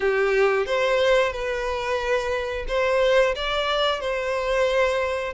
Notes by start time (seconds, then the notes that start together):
0.00 G4
0.65 C5
1.32 B4
2.68 C5
3.35 D5
4.00 C5